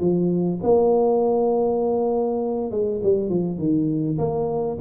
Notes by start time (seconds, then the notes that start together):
0.00 F3
0.63 A#3
2.71 G#3
3.03 G3
3.29 F3
3.58 D#3
4.18 A#3